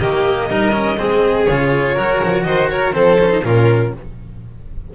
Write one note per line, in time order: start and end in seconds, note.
0.00 0.49 D#3
0.00 0.51 A#3
0.00 0.49 G4
0.00 1.46 D#5
0.49 0.98 G3
0.49 0.73 D#4
0.49 0.98 A#4
0.73 0.97 C#4
0.98 1.47 G#3
0.98 1.47 C4
0.98 1.94 G#4
1.46 1.96 C#3
1.46 1.97 F4
1.46 2.44 C#5
1.94 2.22 F#3
1.94 2.93 F#4
1.94 2.44 A#4
2.24 2.47 F3
2.44 2.94 D#3
2.44 2.71 C5
2.44 2.68 D#5
2.70 2.95 A#4
2.70 2.94 C#5
2.93 3.43 F3
2.93 3.17 C4
2.93 3.44 A4
2.93 3.45 C5
3.21 3.30 C#4
3.30 3.43 D#4
3.43 3.92 A#2
3.43 3.93 C#4
3.43 3.95 F4
3.43 3.94 A#4